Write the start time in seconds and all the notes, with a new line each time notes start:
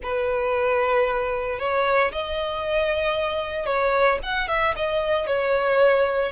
0.03 B4
1.59 C#5
2.11 D#5
3.66 C#5
4.22 F#5
4.48 E5
4.75 D#5
5.26 C#5